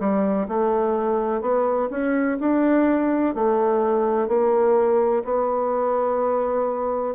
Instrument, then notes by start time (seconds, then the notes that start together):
bassoon
0.00 G3
0.48 A3
1.42 B3
1.91 C#4
2.41 D4
3.35 A3
4.29 A#3
5.25 B3